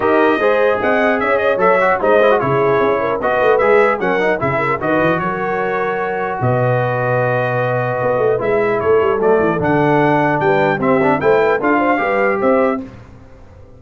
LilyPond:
<<
  \new Staff \with { instrumentName = "trumpet" } { \time 4/4 \tempo 4 = 150 dis''2 fis''4 e''8 dis''8 | e''4 dis''4 cis''2 | dis''4 e''4 fis''4 e''4 | dis''4 cis''2. |
dis''1~ | dis''4 e''4 cis''4 d''4 | fis''2 g''4 e''4 | g''4 f''2 e''4 | }
  \new Staff \with { instrumentName = "horn" } { \time 4/4 ais'4 c''4 dis''4 cis''4~ | cis''4 c''4 gis'4. ais'8 | b'2 ais'4 gis'8 ais'8 | b'4 ais'2. |
b'1~ | b'2 a'2~ | a'2 b'4 g'4 | c''8 b'8 a'8 c''8 b'4 c''4 | }
  \new Staff \with { instrumentName = "trombone" } { \time 4/4 g'4 gis'2. | a'8 fis'8 dis'8 e'16 fis'16 e'2 | fis'4 gis'4 cis'8 dis'8 e'4 | fis'1~ |
fis'1~ | fis'4 e'2 a4 | d'2. c'8 d'8 | e'4 f'4 g'2 | }
  \new Staff \with { instrumentName = "tuba" } { \time 4/4 dis'4 gis4 c'4 cis'4 | fis4 gis4 cis4 cis'4 | b8 a8 gis4 fis4 cis4 | dis8 e8 fis2. |
b,1 | b8 a8 gis4 a8 g8 fis8 e8 | d2 g4 c'4 | a4 d'4 g4 c'4 | }
>>